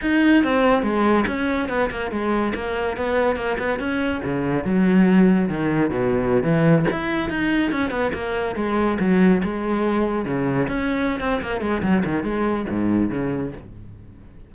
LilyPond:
\new Staff \with { instrumentName = "cello" } { \time 4/4 \tempo 4 = 142 dis'4 c'4 gis4 cis'4 | b8 ais8 gis4 ais4 b4 | ais8 b8 cis'4 cis4 fis4~ | fis4 dis4 b,4~ b,16 e8.~ |
e16 e'4 dis'4 cis'8 b8 ais8.~ | ais16 gis4 fis4 gis4.~ gis16~ | gis16 cis4 cis'4~ cis'16 c'8 ais8 gis8 | fis8 dis8 gis4 gis,4 cis4 | }